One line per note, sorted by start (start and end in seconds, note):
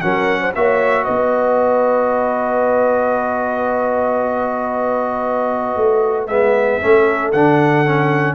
0.00 0.55 F#3
0.00 0.53 C#4
0.00 0.40 A#4
0.00 0.52 F#5
0.40 0.53 C5
0.55 1.07 A#3
0.55 6.29 F#4
0.55 1.04 C#5
0.55 1.04 E5
1.04 5.76 B3
1.04 6.78 B4
1.04 6.26 D#5
5.76 6.27 A3
6.27 6.80 G#3
6.27 6.81 B3
6.27 7.31 E5
6.81 7.33 A3
6.81 7.33 C#4
6.81 8.35 A4
7.32 8.35 D3
7.32 7.85 D4
7.32 8.35 F#5
7.85 8.35 C#4